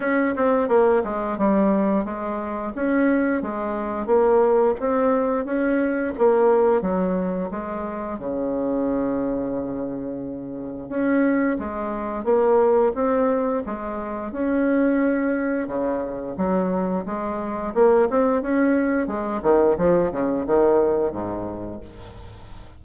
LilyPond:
\new Staff \with { instrumentName = "bassoon" } { \time 4/4 \tempo 4 = 88 cis'8 c'8 ais8 gis8 g4 gis4 | cis'4 gis4 ais4 c'4 | cis'4 ais4 fis4 gis4 | cis1 |
cis'4 gis4 ais4 c'4 | gis4 cis'2 cis4 | fis4 gis4 ais8 c'8 cis'4 | gis8 dis8 f8 cis8 dis4 gis,4 | }